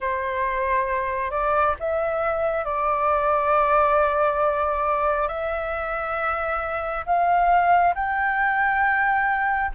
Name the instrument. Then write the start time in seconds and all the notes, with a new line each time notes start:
flute
0.00 C5
1.30 D5
1.79 E5
2.64 D5
5.28 E5
7.05 F5
7.95 G5